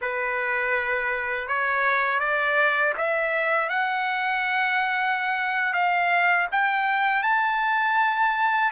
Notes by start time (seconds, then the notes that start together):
0.01 B4
1.47 C#5
2.19 D5
2.97 E5
3.69 F#5
5.73 F5
6.51 G5
7.23 A5